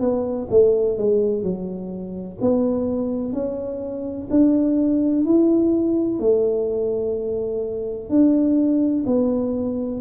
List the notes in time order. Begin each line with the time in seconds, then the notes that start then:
0.00 B3
0.50 A3
0.97 G#3
1.43 F#3
2.41 B3
3.33 C#4
4.30 D4
5.25 E4
6.19 A3
8.10 D4
9.06 B3